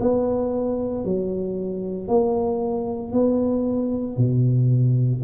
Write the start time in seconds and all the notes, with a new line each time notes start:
0.00 B3
1.05 F#3
2.08 A#3
3.12 B3
4.17 B2